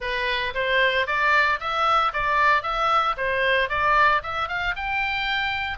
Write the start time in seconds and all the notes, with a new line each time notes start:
0.00 B4
0.54 C5
1.06 D5
1.59 E5
2.13 D5
2.62 E5
3.17 C5
3.69 D5
4.22 E5
4.48 F5
4.76 G5